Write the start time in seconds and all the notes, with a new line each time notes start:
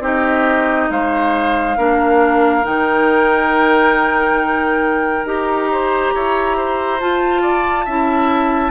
0.00 C4 D#4 G4 D#5
0.90 G#3 C5 F5
1.77 A#3 D4 A#4
2.63 D#3 D#4 G5
5.24 D#4 G4 A#5
5.71 C5
6.14 E4 C#5
6.57 C5
7.00 F4 A5
7.42 D5
7.85 C#4 E4 E5